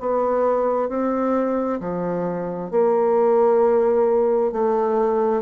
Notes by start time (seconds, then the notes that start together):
0.00 B3
0.88 C4
1.80 F3
2.71 A#3
4.52 A3